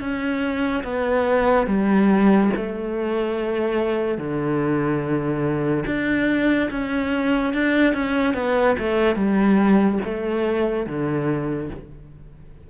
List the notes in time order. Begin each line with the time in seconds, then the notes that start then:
0.00 C#4
0.83 B3
1.67 G3
2.56 A3
4.18 D3
5.86 D4
6.70 C#4
7.54 D4
7.94 C#4
8.34 B3
8.78 A3
9.15 G3
10.04 A3
10.86 D3